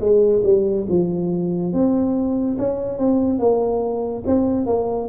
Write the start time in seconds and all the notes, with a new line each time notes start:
0.00 G#3
0.44 G3
0.89 F3
1.73 C4
2.58 C#4
2.98 C4
3.38 A#3
4.26 C4
4.66 A#3